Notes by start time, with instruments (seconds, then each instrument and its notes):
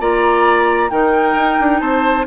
0.00 bassoon A#3, clarinet F4, oboe D5, flute A#5
0.90 bassoon D#3, clarinet D#4, oboe A#4, flute G5
1.35 bassoon D#4
1.60 bassoon D4
1.80 bassoon C4, oboe C5, flute A5